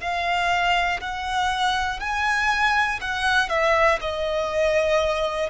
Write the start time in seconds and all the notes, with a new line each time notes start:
0.00 F5
1.01 F#5
2.00 G#5
3.01 F#5
3.50 E5
4.01 D#5